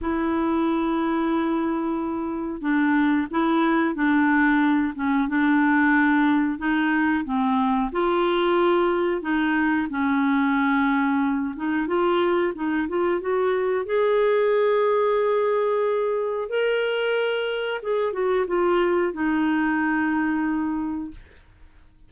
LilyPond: \new Staff \with { instrumentName = "clarinet" } { \time 4/4 \tempo 4 = 91 e'1 | d'4 e'4 d'4. cis'8 | d'2 dis'4 c'4 | f'2 dis'4 cis'4~ |
cis'4. dis'8 f'4 dis'8 f'8 | fis'4 gis'2.~ | gis'4 ais'2 gis'8 fis'8 | f'4 dis'2. | }